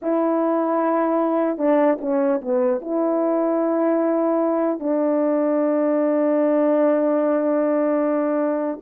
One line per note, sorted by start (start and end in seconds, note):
0.01 1.58 E4
1.58 1.98 D4
2.00 2.40 C#4
2.41 2.81 B3
2.81 4.79 E4
4.79 8.79 D4